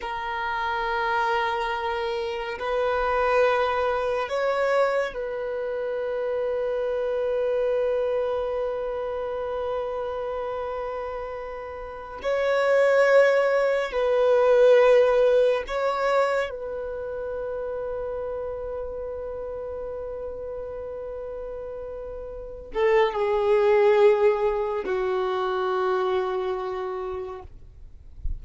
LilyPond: \new Staff \with { instrumentName = "violin" } { \time 4/4 \tempo 4 = 70 ais'2. b'4~ | b'4 cis''4 b'2~ | b'1~ | b'2~ b'16 cis''4.~ cis''16~ |
cis''16 b'2 cis''4 b'8.~ | b'1~ | b'2~ b'8 a'8 gis'4~ | gis'4 fis'2. | }